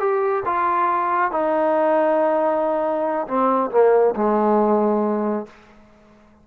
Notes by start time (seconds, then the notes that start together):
0.00 G4
0.45 F4
1.31 D#4
3.27 C4
3.71 A#3
4.16 G#3